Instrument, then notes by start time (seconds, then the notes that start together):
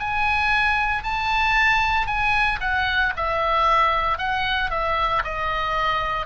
oboe
0.00 G#5
1.04 A5
2.07 G#5
2.61 F#5
3.17 E5
4.18 F#5
4.71 E5
5.24 D#5